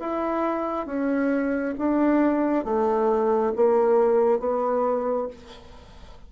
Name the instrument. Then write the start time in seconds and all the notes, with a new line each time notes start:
bassoon
0.00 E4
0.86 C#4
1.78 D4
2.64 A3
3.56 A#3
4.40 B3